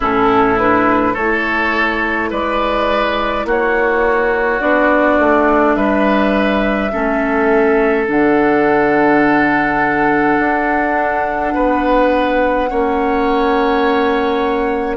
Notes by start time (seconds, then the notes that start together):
0.00 A2 C#4 E4 A4
0.58 D4 B4
1.13 A3 E4 A4 C#5
2.30 G#3 B4 D5
3.44 A#3 F#4 C#5
4.60 B3 D4 D5
5.18 A3
5.75 G3 B4 E5
6.91 A3 C#4 A4
8.06 D3 D4 F#5
10.38 D4
11.54 B3 B4
12.69 A#3 C#4 C#5